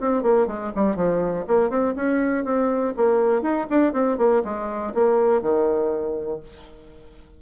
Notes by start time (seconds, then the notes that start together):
0.00 C4
0.23 A#3
0.47 G#3
0.75 G3
0.96 F3
1.47 A#3
1.69 C4
1.95 C#4
2.44 C4
2.96 A#3
3.42 D#4
3.70 D4
3.93 C4
4.18 A#3
4.44 G#3
4.94 A#3
5.41 D#3